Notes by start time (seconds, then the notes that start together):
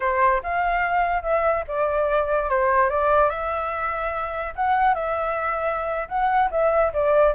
0.00 C5
0.43 F5
1.22 E5
1.67 D5
2.49 C5
2.89 D5
3.29 E5
4.55 F#5
4.94 E5
6.08 F#5
6.50 E5
6.93 D5